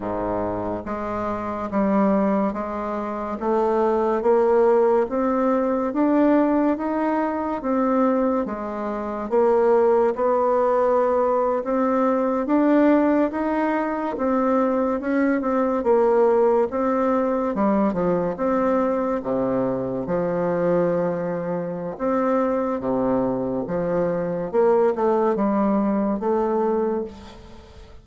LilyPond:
\new Staff \with { instrumentName = "bassoon" } { \time 4/4 \tempo 4 = 71 gis,4 gis4 g4 gis4 | a4 ais4 c'4 d'4 | dis'4 c'4 gis4 ais4 | b4.~ b16 c'4 d'4 dis'16~ |
dis'8. c'4 cis'8 c'8 ais4 c'16~ | c'8. g8 f8 c'4 c4 f16~ | f2 c'4 c4 | f4 ais8 a8 g4 a4 | }